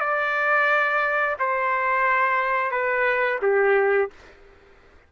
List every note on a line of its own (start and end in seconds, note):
0.00 1.36 D5
1.39 2.71 C5
2.71 3.39 B4
3.42 4.10 G4